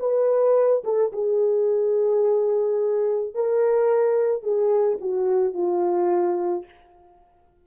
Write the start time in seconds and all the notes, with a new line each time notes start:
0.00 B4
0.84 A4
1.13 G#4
3.35 A#4
4.43 G#4
5.01 F#4
5.54 F4